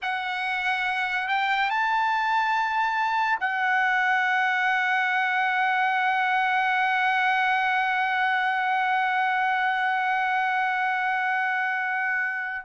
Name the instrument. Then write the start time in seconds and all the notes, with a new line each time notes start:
trumpet
0.02 F#5
1.28 G5
1.69 A5
3.40 F#5